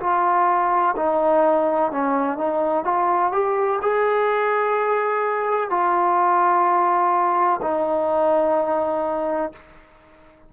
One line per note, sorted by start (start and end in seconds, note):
0.00 0.95 F4
0.96 1.91 D#4
1.91 2.38 C#4
2.38 2.84 D#4
2.84 3.32 F4
3.32 3.80 G4
3.82 5.70 G#4
5.70 7.60 F4
7.62 9.52 D#4